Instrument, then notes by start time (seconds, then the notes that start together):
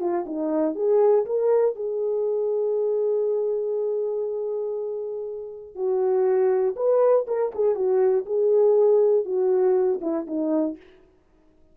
horn
0.00 F4
0.26 D#4
0.75 G#4
1.25 A#4
1.75 G#4
5.75 F#4
6.76 B4
7.27 A#4
7.55 G#4
7.75 F#4
8.26 G#4
9.25 F#4
10.01 E4
10.27 D#4